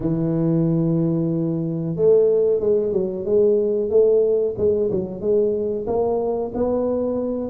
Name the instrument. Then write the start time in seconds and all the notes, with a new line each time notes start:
tuba
0.00 E3
1.96 A3
2.60 G#3
2.92 F#3
3.25 G#3
3.90 A3
4.57 G#3
4.91 F#3
5.21 G#3
5.86 A#3
6.54 B3